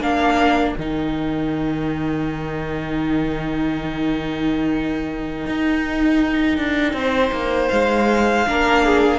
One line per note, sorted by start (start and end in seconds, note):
0.00 0.75 A#3
0.00 0.76 D4
0.00 6.94 A#4
0.00 0.76 F5
0.76 5.46 D#3
0.76 8.46 D#4
0.76 7.69 G5
5.47 6.58 D#4
6.58 6.93 D4
6.93 7.30 C4
6.93 8.48 C5
7.32 7.69 A#3
7.69 8.47 G#3
7.69 9.19 F5
8.46 9.19 A#3
8.46 9.19 D4
8.46 8.85 A#4
8.85 9.19 G#4